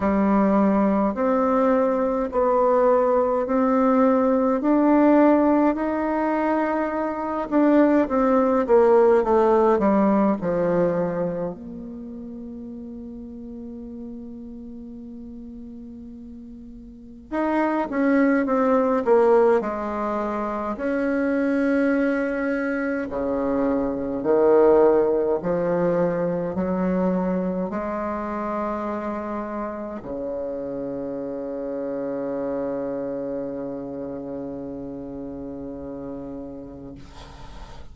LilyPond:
\new Staff \with { instrumentName = "bassoon" } { \time 4/4 \tempo 4 = 52 g4 c'4 b4 c'4 | d'4 dis'4. d'8 c'8 ais8 | a8 g8 f4 ais2~ | ais2. dis'8 cis'8 |
c'8 ais8 gis4 cis'2 | cis4 dis4 f4 fis4 | gis2 cis2~ | cis1 | }